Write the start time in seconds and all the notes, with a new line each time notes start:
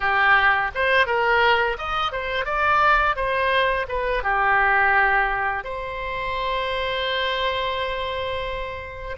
0.00 G4
0.74 C5
1.06 A#4
1.77 D#5
2.12 C5
2.45 D5
3.16 C5
3.88 B4
4.23 G4
5.63 C5